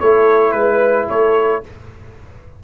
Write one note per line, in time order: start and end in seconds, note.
0.00 0.53 A3
0.00 1.64 E4
0.00 0.54 A4
0.00 0.52 C#5
0.52 1.07 G#3
0.52 1.05 B4
0.52 1.09 B4
1.09 1.62 A3
1.09 1.63 A4
1.09 1.63 C#5